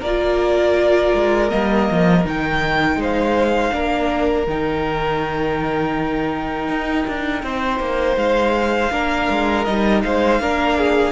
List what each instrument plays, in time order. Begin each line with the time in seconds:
0.00 cello A#3, violin A#4 D5
0.06 viola F4
1.15 cello G#3
1.50 cello G3, viola A#3, violin D#5
1.91 cello F3
2.25 cello D#3, viola D#4, violin G5
2.96 cello G#3, violin C5
3.03 violin F5
3.71 cello A#3, viola D4, violin A#4
4.47 cello D#3, viola D#4, violin G5
6.69 cello D#4
7.08 cello D4
7.43 cello C4, violin C5
7.80 cello A#3
8.17 cello G#3, violin F5
8.91 cello A#3, viola D4, violin A#4
9.30 cello G#3
9.65 cello G3, viola D#4, violin D#5
10.03 cello G#3, violin C5 F5
10.41 cello A#3, viola D4, violin A#4
10.78 violin G#4